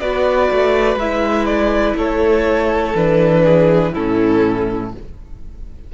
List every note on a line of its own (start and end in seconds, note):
0.00 0.50 B3
0.00 0.99 F#4
0.00 1.97 B4
0.00 0.98 D5
0.51 0.96 A3
0.96 1.94 G#3
0.96 2.95 E4
0.96 1.45 E5
1.45 1.95 D5
1.95 2.94 A3
1.95 3.44 A4
1.95 2.96 C#5
2.95 3.93 E3
2.95 3.93 D4
2.95 3.94 B4
3.44 3.93 G#4
3.93 4.94 A2
3.93 4.92 C#4
3.93 4.91 E4
3.93 4.92 A4